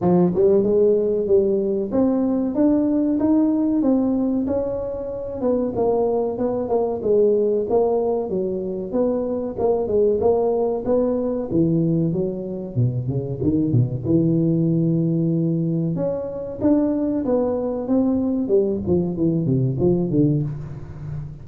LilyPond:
\new Staff \with { instrumentName = "tuba" } { \time 4/4 \tempo 4 = 94 f8 g8 gis4 g4 c'4 | d'4 dis'4 c'4 cis'4~ | cis'8 b8 ais4 b8 ais8 gis4 | ais4 fis4 b4 ais8 gis8 |
ais4 b4 e4 fis4 | b,8 cis8 dis8 b,8 e2~ | e4 cis'4 d'4 b4 | c'4 g8 f8 e8 c8 f8 d8 | }